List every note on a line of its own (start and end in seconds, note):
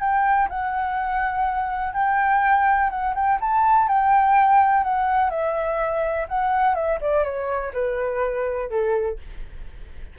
0.00 0.48 G5
0.49 1.93 F#5
1.93 2.90 G5
2.90 3.14 F#5
3.15 3.39 G5
3.40 3.88 A5
3.88 4.84 G5
4.84 5.30 F#5
5.30 6.27 E5
6.29 6.75 F#5
6.75 6.99 E5
7.01 7.24 D5
7.24 7.72 C#5
7.74 8.70 B4
8.70 9.18 A4